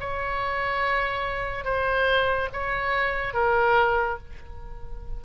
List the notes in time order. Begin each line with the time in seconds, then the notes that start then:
0.00 C#5
1.64 C5
2.53 C#5
3.33 A#4